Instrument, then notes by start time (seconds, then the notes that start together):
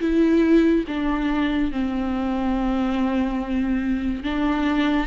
viola
0.00 E4
0.88 D4
1.72 C4
4.24 D4